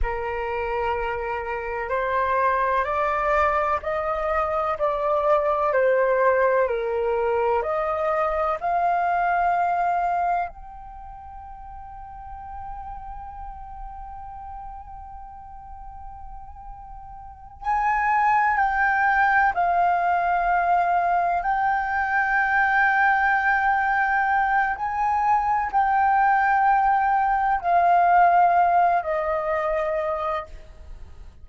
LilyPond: \new Staff \with { instrumentName = "flute" } { \time 4/4 \tempo 4 = 63 ais'2 c''4 d''4 | dis''4 d''4 c''4 ais'4 | dis''4 f''2 g''4~ | g''1~ |
g''2~ g''8 gis''4 g''8~ | g''8 f''2 g''4.~ | g''2 gis''4 g''4~ | g''4 f''4. dis''4. | }